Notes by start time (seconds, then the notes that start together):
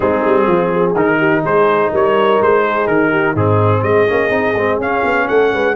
0.00 G#3 C4 D#4 G#4
0.26 G3
0.46 F3 F4
0.74 G#4
0.94 D#3 D#4 A#4
1.19 G4
1.44 G#3 G#4 C5
1.91 G3 A#4 C#5
2.41 G#3 C5
2.63 G#4
2.87 D#3 A#4
3.10 G4
3.32 G#2 C4 D#4 G#4
3.82 G#3 G#4 D#5
4.07 A#3 C#4
4.29 C4 D#4
4.56 G#3 C4
4.78 C#4 F5
5.03 B3
5.28 A3 A4 F#5
5.52 G#3 B4